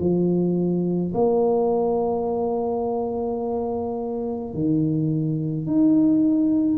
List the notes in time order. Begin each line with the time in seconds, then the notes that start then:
0.00 F3
1.14 A#3
4.54 D#3
5.67 D#4